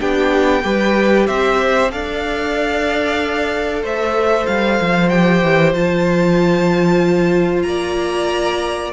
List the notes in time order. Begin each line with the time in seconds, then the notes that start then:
0.00 B3 D4 G4 G5
0.63 G3 G4 B4
1.27 C4 C5 E5
1.91 D4 A4 D5 F5
3.83 A3 C5 E5
4.47 G3 F5
4.81 F3
5.09 G4 G5
5.43 E3
5.74 F3 F4 A5
7.63 A#3 D5 A#5